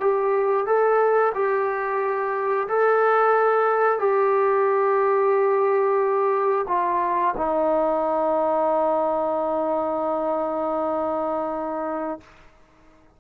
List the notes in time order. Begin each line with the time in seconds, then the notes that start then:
0.00 G4
0.66 A4
1.35 G4
2.68 A4
3.99 G4
6.68 F4
7.37 D#4